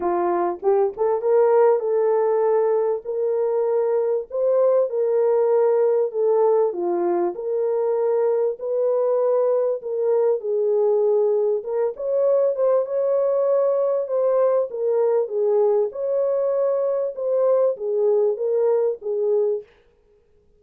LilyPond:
\new Staff \with { instrumentName = "horn" } { \time 4/4 \tempo 4 = 98 f'4 g'8 a'8 ais'4 a'4~ | a'4 ais'2 c''4 | ais'2 a'4 f'4 | ais'2 b'2 |
ais'4 gis'2 ais'8 cis''8~ | cis''8 c''8 cis''2 c''4 | ais'4 gis'4 cis''2 | c''4 gis'4 ais'4 gis'4 | }